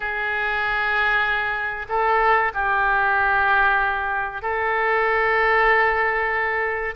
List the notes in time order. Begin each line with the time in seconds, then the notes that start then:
0.00 G#4
1.88 A4
2.54 G4
4.42 A4